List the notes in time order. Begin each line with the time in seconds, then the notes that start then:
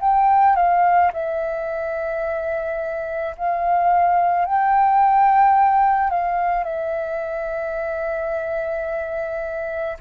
0.00 G5
0.56 F5
1.13 E5
3.37 F5
4.45 G5
6.10 F5
6.64 E5